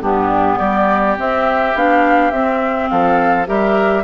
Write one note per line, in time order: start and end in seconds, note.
0.00 0.58 G2
0.00 1.17 B3
0.00 0.58 D4
0.00 0.58 G4
0.58 1.17 G3
0.58 2.89 G4
0.58 1.15 D5
1.17 1.75 C4
1.17 1.74 C4
1.17 1.77 E5
1.74 2.31 B3
1.74 2.33 D4
1.74 2.31 F5
2.31 2.89 C4
2.31 3.46 C4
2.31 2.88 E5
2.89 3.48 F3
2.89 3.48 A4
2.89 3.46 F5
3.46 4.03 G3
3.46 4.03 G4
3.46 4.03 A#4
3.46 4.03 E5